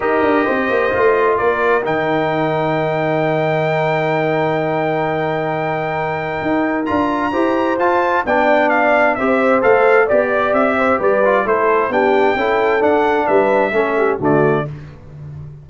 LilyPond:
<<
  \new Staff \with { instrumentName = "trumpet" } { \time 4/4 \tempo 4 = 131 dis''2. d''4 | g''1~ | g''1~ | g''2. ais''4~ |
ais''4 a''4 g''4 f''4 | e''4 f''4 d''4 e''4 | d''4 c''4 g''2 | fis''4 e''2 d''4 | }
  \new Staff \with { instrumentName = "horn" } { \time 4/4 ais'4 c''2 ais'4~ | ais'1~ | ais'1~ | ais'1 |
c''2 d''2 | c''2 d''4. c''8 | b'4 a'4 g'4 a'4~ | a'4 b'4 a'8 g'8 fis'4 | }
  \new Staff \with { instrumentName = "trombone" } { \time 4/4 g'2 f'2 | dis'1~ | dis'1~ | dis'2. f'4 |
g'4 f'4 d'2 | g'4 a'4 g'2~ | g'8 f'8 e'4 d'4 e'4 | d'2 cis'4 a4 | }
  \new Staff \with { instrumentName = "tuba" } { \time 4/4 dis'8 d'8 c'8 ais8 a4 ais4 | dis1~ | dis1~ | dis2 dis'4 d'4 |
e'4 f'4 b2 | c'4 a4 b4 c'4 | g4 a4 b4 cis'4 | d'4 g4 a4 d4 | }
>>